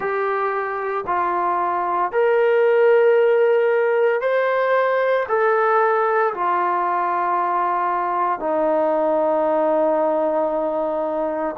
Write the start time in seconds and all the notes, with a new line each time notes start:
0.00 G4
1.07 F4
2.11 A#4
4.21 C5
5.28 A4
6.33 F4
8.39 D#4